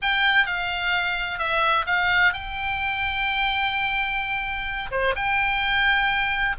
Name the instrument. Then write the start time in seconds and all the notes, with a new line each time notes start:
oboe
0.02 G5
0.46 F5
1.38 E5
1.86 F5
2.33 G5
4.91 C5
5.15 G5